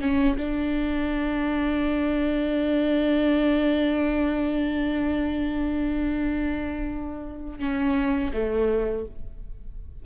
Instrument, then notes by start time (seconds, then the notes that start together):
viola
0.00 C#4
0.36 D4
7.59 C#4
8.33 A3